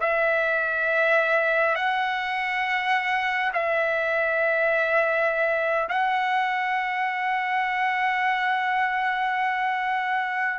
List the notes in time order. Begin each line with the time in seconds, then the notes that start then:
0.00 E5
1.75 F#5
3.53 E5
5.89 F#5